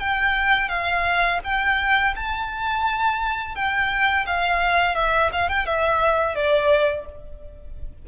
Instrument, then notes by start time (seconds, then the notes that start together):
violin
0.00 G5
0.69 F5
1.44 G5
2.16 A5
3.56 G5
4.27 F5
4.95 E5
5.33 F5
5.49 G5
5.66 E5
6.35 D5